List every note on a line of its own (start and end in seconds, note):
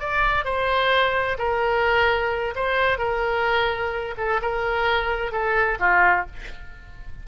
0.00 0.45 D5
0.45 1.38 C5
1.38 2.55 A#4
2.56 2.99 C5
2.99 4.15 A#4
4.18 4.41 A4
4.42 5.32 A#4
5.32 5.78 A4
5.80 6.26 F4